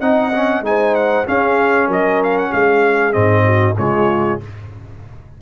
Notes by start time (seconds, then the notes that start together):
0.00 C4 D#4 D#5 F#5
0.33 C#4
0.61 G#3 D#4 C5 G#5
0.95 F#5
1.26 C#4 G#4 F5
1.87 F#3 A#4 D#5
2.23 F5
2.38 F#5
2.50 G#3 G#4 F5
3.12 G#2 C4 D#5
3.45 F#4
3.77 C#3 G#3 F4 C#5